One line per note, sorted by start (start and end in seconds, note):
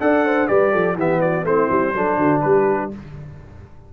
0.00 0.49 D4
0.00 0.47 A4
0.00 0.25 D5
0.00 0.47 F#5
0.25 0.49 C5
0.47 0.74 G3
0.47 0.95 G4
0.47 0.71 B4
0.47 0.96 D5
0.71 0.94 F3
0.71 0.96 A4
0.94 1.43 E3
0.94 1.45 B3
0.94 1.20 G4
0.94 1.20 E5
1.20 1.45 F#4
1.20 1.45 D5
1.44 1.68 A3
1.44 1.94 C4
1.44 1.94 E4
1.44 2.40 C5
1.70 1.94 G3
1.94 2.17 F#3
1.94 2.91 D4
1.94 2.18 A4
2.17 2.42 D3
2.17 2.42 F#4
2.40 2.93 G3
2.40 2.92 G4
2.40 2.89 B4